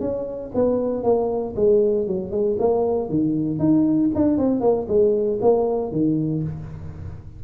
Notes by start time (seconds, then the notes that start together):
0.00 C#4
0.55 B3
1.03 A#3
1.56 G#3
2.07 F#3
2.31 G#3
2.59 A#3
3.10 D#3
3.59 D#4
4.15 D4
4.38 C4
4.61 A#3
4.88 G#3
5.41 A#3
5.92 D#3